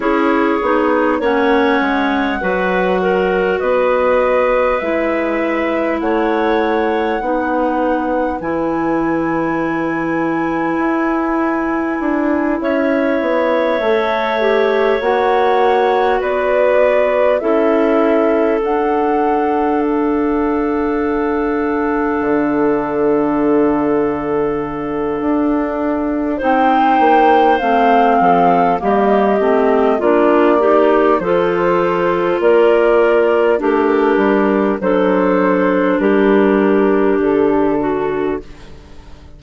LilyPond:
<<
  \new Staff \with { instrumentName = "flute" } { \time 4/4 \tempo 4 = 50 cis''4 fis''2 dis''4 | e''4 fis''2 gis''4~ | gis''2~ gis''8 e''4.~ | e''8 fis''4 d''4 e''4 fis''8~ |
fis''8 f''2.~ f''8~ | f''2 g''4 f''4 | dis''4 d''4 c''4 d''4 | ais'4 c''4 ais'4 a'4 | }
  \new Staff \with { instrumentName = "clarinet" } { \time 4/4 gis'4 cis''4 b'8 ais'8 b'4~ | b'4 cis''4 b'2~ | b'2~ b'8 cis''4.~ | cis''4. b'4 a'4.~ |
a'1~ | a'2 c''4. a'8 | g'4 f'8 g'8 a'4 ais'4 | d'4 a'4 g'4. fis'8 | }
  \new Staff \with { instrumentName = "clarinet" } { \time 4/4 e'8 dis'8 cis'4 fis'2 | e'2 dis'4 e'4~ | e'2.~ e'8 a'8 | g'8 fis'2 e'4 d'8~ |
d'1~ | d'2 dis'4 c'4 | ais8 c'8 d'8 dis'8 f'2 | g'4 d'2. | }
  \new Staff \with { instrumentName = "bassoon" } { \time 4/4 cis'8 b8 ais8 gis8 fis4 b4 | gis4 a4 b4 e4~ | e4 e'4 d'8 cis'8 b8 a8~ | a8 ais4 b4 cis'4 d'8~ |
d'2~ d'8 d4.~ | d4 d'4 c'8 ais8 a8 f8 | g8 a8 ais4 f4 ais4 | a8 g8 fis4 g4 d4 | }
>>